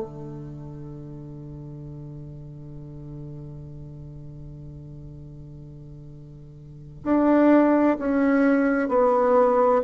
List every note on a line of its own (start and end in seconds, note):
0.00 7.03 D3
7.04 7.97 D4
7.99 8.88 C#4
8.88 9.82 B3